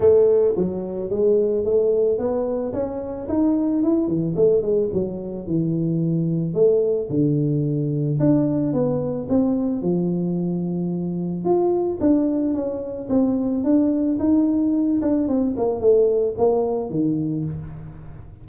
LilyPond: \new Staff \with { instrumentName = "tuba" } { \time 4/4 \tempo 4 = 110 a4 fis4 gis4 a4 | b4 cis'4 dis'4 e'8 e8 | a8 gis8 fis4 e2 | a4 d2 d'4 |
b4 c'4 f2~ | f4 f'4 d'4 cis'4 | c'4 d'4 dis'4. d'8 | c'8 ais8 a4 ais4 dis4 | }